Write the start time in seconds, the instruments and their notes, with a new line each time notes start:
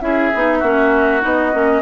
0.00 bassoon C#4, clarinet E4, oboe G#4, flute E5
0.34 bassoon B3, clarinet D#4
0.58 bassoon A#3, clarinet C#4, oboe F#4
1.21 bassoon B3, clarinet D#4, flute D#5
1.52 bassoon A#3, clarinet C#4